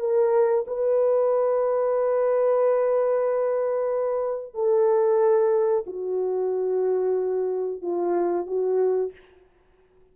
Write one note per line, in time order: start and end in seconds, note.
0.00 0.65 A#4
0.67 4.54 B4
4.54 5.85 A4
5.86 7.82 F#4
7.82 8.47 F4
8.47 9.12 F#4